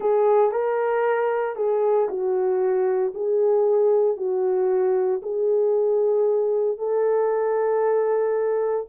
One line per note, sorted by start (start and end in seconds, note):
0.00 0.51 G#4
0.51 1.56 A#4
1.56 2.08 G#4
2.09 3.13 F#4
3.14 4.16 G#4
4.16 5.21 F#4
5.22 6.78 G#4
6.78 8.86 A4